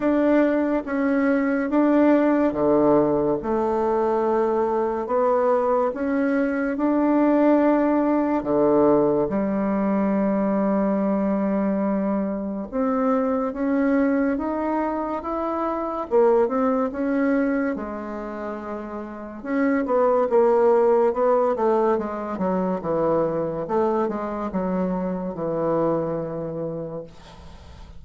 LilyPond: \new Staff \with { instrumentName = "bassoon" } { \time 4/4 \tempo 4 = 71 d'4 cis'4 d'4 d4 | a2 b4 cis'4 | d'2 d4 g4~ | g2. c'4 |
cis'4 dis'4 e'4 ais8 c'8 | cis'4 gis2 cis'8 b8 | ais4 b8 a8 gis8 fis8 e4 | a8 gis8 fis4 e2 | }